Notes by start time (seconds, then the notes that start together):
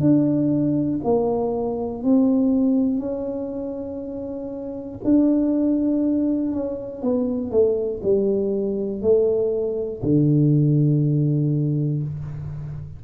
0.00 D4
1.04 A#3
2.03 C4
2.99 C#4
5.04 D4
6.52 C#4
7.02 B3
7.51 A3
8.03 G3
9.02 A3
10.03 D3